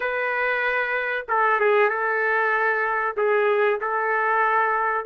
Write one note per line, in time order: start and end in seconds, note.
0.00 1.26 B4
1.28 1.60 A4
1.60 1.89 G#4
1.89 3.15 A4
3.17 3.80 G#4
3.81 5.05 A4